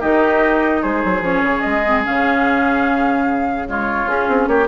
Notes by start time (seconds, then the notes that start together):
0.00 D#3 D#4 G4 D#5
0.82 G#3 G#4 C5
1.04 F#3
1.21 F3 C#4 C#5
1.43 C#3
1.61 G#3 D#5
1.85 C4
2.03 C#3 C#4 F5
3.66 G#3 F4 C#5
4.06 C#4 G#4
4.28 C4
4.47 A#3 G4 C#5